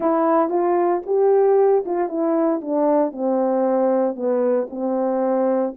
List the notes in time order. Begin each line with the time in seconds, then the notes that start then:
0.00 E4
0.49 F4
1.06 G4
1.85 F4
2.08 E4
2.61 D4
3.12 C4
4.15 B3
4.70 C4